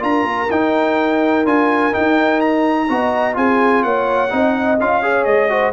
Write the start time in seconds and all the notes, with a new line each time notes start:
0.00 D4 F4 A#4 A#5
0.23 A#3
0.50 D#4 G5
1.45 D4 F4 G#5
1.93 D#4 G5
2.40 A#5
2.89 B3 F#4 D#5
3.34 C4 F4 G#4 G#5
3.83 A#3 C#5 F#5
4.30 C4 D#4 D#5
4.80 C#4 F4 F5
5.02 G#4 C#5
5.24 G#3 D#5
5.49 F#4 C5